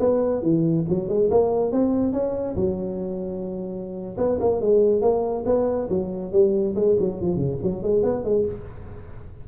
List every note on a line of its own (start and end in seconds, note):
0.00 0.42 B3
0.42 0.85 E3
0.89 1.09 F#3
1.09 1.30 G#3
1.31 1.72 A#3
1.72 2.13 C4
2.13 2.56 C#4
2.56 4.17 F#3
4.17 4.39 B3
4.41 4.61 A#3
4.61 5.02 G#3
5.02 5.44 A#3
5.46 5.89 B3
5.90 6.32 F#3
6.32 6.75 G3
6.76 6.97 G#3
7.00 7.21 F#3
7.21 7.37 F3
7.37 7.58 C#3
7.63 7.83 F#3
7.83 8.03 G#3
8.03 8.24 B3
8.24 8.46 G#3